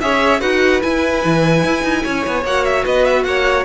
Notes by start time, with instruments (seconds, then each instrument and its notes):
0.00 cello C#4, viola G#4, violin C#5 E5
0.40 cello D#4, viola F#4, violin B4 F#5
0.81 viola E4, cello E4, violin G#5
1.24 cello E3
1.63 cello E4
1.83 cello D#4
2.03 cello C#4, violin C#5
2.26 cello B3
2.44 cello A#3, viola F#4, violin F#5
2.64 violin E5
2.84 cello B3, violin B4 D#5
3.05 violin E5
3.23 cello A#3, violin C#5 F#5